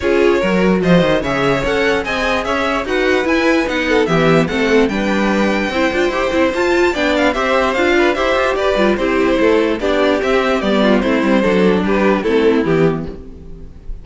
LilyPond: <<
  \new Staff \with { instrumentName = "violin" } { \time 4/4 \tempo 4 = 147 cis''2 dis''4 e''4 | fis''4 gis''4 e''4 fis''4 | gis''4 fis''4 e''4 fis''4 | g''1 |
a''4 g''8 f''8 e''4 f''4 | e''4 d''4 c''2 | d''4 e''4 d''4 c''4~ | c''4 b'4 a'4 g'4 | }
  \new Staff \with { instrumentName = "violin" } { \time 4/4 gis'4 ais'4 c''4 cis''4~ | cis''4 dis''4 cis''4 b'4~ | b'4. a'8 g'4 a'4 | b'2 c''2~ |
c''4 d''4 c''4. b'8 | c''4 b'4 g'4 a'4 | g'2~ g'8 f'8 e'4 | a'4 g'4 e'2 | }
  \new Staff \with { instrumentName = "viola" } { \time 4/4 f'4 fis'2 gis'4 | a'4 gis'2 fis'4 | e'4 dis'4 b4 c'4 | d'2 e'8 f'8 g'8 e'8 |
f'4 d'4 g'4 f'4 | g'4. f'8 e'2 | d'4 c'4 b4 c'4 | d'2 c'4 b4 | }
  \new Staff \with { instrumentName = "cello" } { \time 4/4 cis'4 fis4 f8 dis8 cis4 | cis'4 c'4 cis'4 dis'4 | e'4 b4 e4 a4 | g2 c'8 d'8 e'8 c'8 |
f'4 b4 c'4 d'4 | e'8 f'8 g'8 g8 c'4 a4 | b4 c'4 g4 a8 g8 | fis4 g4 a4 e4 | }
>>